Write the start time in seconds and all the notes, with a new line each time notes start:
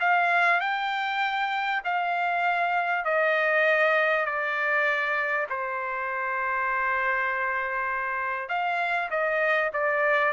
0.00 F5
0.61 G5
1.85 F5
3.05 D#5
4.26 D5
5.50 C5
8.49 F5
9.10 D#5
9.73 D5